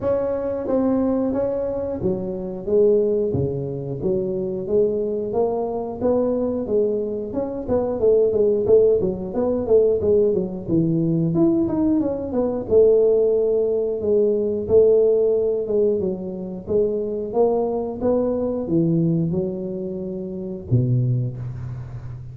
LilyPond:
\new Staff \with { instrumentName = "tuba" } { \time 4/4 \tempo 4 = 90 cis'4 c'4 cis'4 fis4 | gis4 cis4 fis4 gis4 | ais4 b4 gis4 cis'8 b8 | a8 gis8 a8 fis8 b8 a8 gis8 fis8 |
e4 e'8 dis'8 cis'8 b8 a4~ | a4 gis4 a4. gis8 | fis4 gis4 ais4 b4 | e4 fis2 b,4 | }